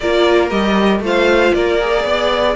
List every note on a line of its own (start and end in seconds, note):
0.00 0.51 A#3
0.00 0.49 F4
0.00 1.03 A#4
0.00 0.48 D5
0.49 0.99 G3
0.49 1.01 G4
0.49 1.01 D#5
0.99 1.51 A3
0.99 1.80 F4
0.99 1.54 C5
1.06 1.54 F5
1.54 2.04 A#3
1.54 2.05 A#4
1.54 2.55 D5
1.80 2.55 G#4
2.04 2.55 B3
2.04 2.55 D5